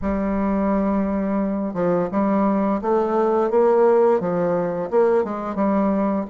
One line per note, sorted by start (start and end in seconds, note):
0.01 1.73 G3
1.73 2.08 F3
2.11 2.81 G3
2.81 3.50 A3
3.50 4.20 A#3
4.20 4.89 F3
4.90 5.23 A#3
5.23 5.55 G#3
5.55 6.25 G3